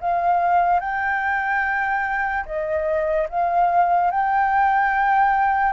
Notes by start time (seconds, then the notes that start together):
0.00 F5
0.80 G5
2.45 D#5
3.29 F5
4.11 G5